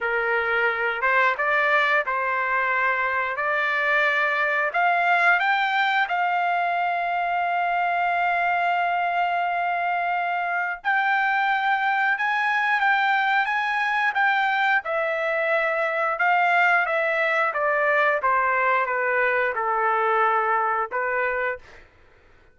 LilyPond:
\new Staff \with { instrumentName = "trumpet" } { \time 4/4 \tempo 4 = 89 ais'4. c''8 d''4 c''4~ | c''4 d''2 f''4 | g''4 f''2.~ | f''1 |
g''2 gis''4 g''4 | gis''4 g''4 e''2 | f''4 e''4 d''4 c''4 | b'4 a'2 b'4 | }